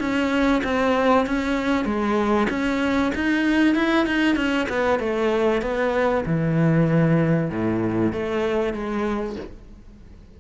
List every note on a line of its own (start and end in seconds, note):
0.00 0.62 C#4
0.64 1.26 C4
1.26 1.85 C#4
1.85 2.48 G#3
2.50 3.12 C#4
3.15 3.75 D#4
3.75 4.06 E4
4.06 4.36 D#4
4.36 4.67 C#4
4.69 4.99 B3
4.99 5.62 A3
5.62 6.24 B3
6.26 7.50 E3
7.50 8.12 A2
8.12 8.74 A3
8.74 9.36 G#3